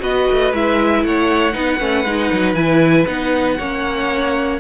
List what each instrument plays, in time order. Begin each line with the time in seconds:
0.00 cello B3, viola F#4, violin B4 D#5
0.31 cello A3
0.53 cello G#3, viola E4, violin E5
1.04 cello A3, violin C#5 F#5
1.53 cello B3, viola D#4, violin B4
1.79 cello A3, viola C#4
2.05 cello G#3, viola D#4
2.32 cello F#3
2.54 cello E3, viola E4, violin G#5
3.07 cello B3, viola D#4, violin F#5
3.57 cello A#3, viola C#4, violin C#5